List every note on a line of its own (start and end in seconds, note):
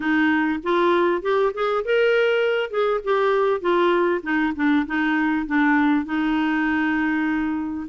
0.00 0.59 D#4
0.63 1.21 F4
1.21 1.52 G4
1.54 1.84 G#4
1.84 2.70 A#4
2.70 3.00 G#4
3.04 3.60 G4
3.60 4.21 F4
4.22 4.53 D#4
4.55 4.86 D4
4.86 5.46 D#4
5.46 6.05 D4
6.05 7.87 D#4